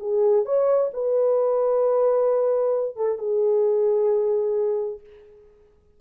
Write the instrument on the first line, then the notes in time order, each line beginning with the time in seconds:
horn
0.00 G#4
0.45 C#5
0.93 B4
2.96 A4
3.18 G#4